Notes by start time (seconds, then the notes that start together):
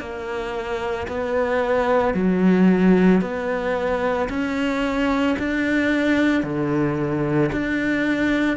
0.00 A#3
1.08 B3
2.14 F#3
3.21 B3
4.30 C#4
5.39 D4
6.43 D3
7.52 D4